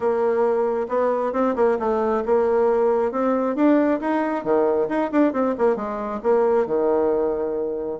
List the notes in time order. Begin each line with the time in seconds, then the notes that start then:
0.00 A#3
0.88 B3
1.32 C4
1.55 A#3
1.79 A3
2.25 A#3
3.11 C4
3.55 D4
4.00 D#4
4.43 D#3
4.88 D#4
5.11 D4
5.32 C4
5.57 A#3
5.76 G#3
6.22 A#3
6.66 D#3